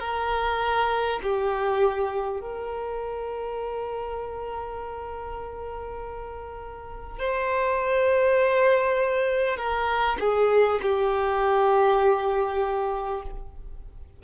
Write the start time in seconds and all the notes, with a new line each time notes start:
0.00 A#4
1.23 G4
2.41 A#4
7.19 C5
9.57 A#4
10.20 G#4
10.83 G4